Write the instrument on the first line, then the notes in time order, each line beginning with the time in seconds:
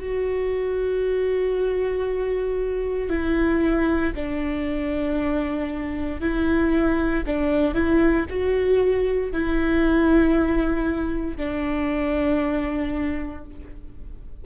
viola
0.00 F#4
3.10 E4
4.16 D4
6.21 E4
7.27 D4
7.74 E4
8.30 F#4
9.32 E4
11.37 D4